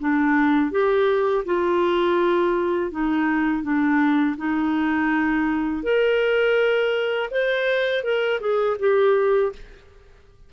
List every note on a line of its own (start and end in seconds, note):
0.00 0.71 D4
0.71 1.44 G4
1.45 2.91 F4
2.91 3.63 D#4
3.63 4.36 D4
4.37 5.83 D#4
5.83 7.29 A#4
7.31 8.03 C5
8.03 8.40 A#4
8.40 8.77 G#4
8.79 9.52 G4